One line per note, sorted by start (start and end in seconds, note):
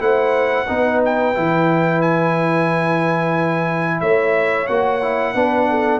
0.00 0.67 A3
0.00 0.67 E4
0.00 0.68 C5
0.00 1.02 F#5
0.68 1.37 B3
0.68 1.35 D#4
0.68 4.01 B4
1.05 2.02 G5
1.35 4.01 E3
1.35 4.68 E4
2.02 4.01 G#5
4.01 4.68 A3
4.01 5.34 C#5
4.01 4.67 E5
4.67 5.35 A#3
4.67 5.02 F#4
4.67 6.00 F#5
5.02 5.35 E4
5.35 6.00 B3
5.35 6.00 D4
5.35 5.69 B4
5.70 6.00 A4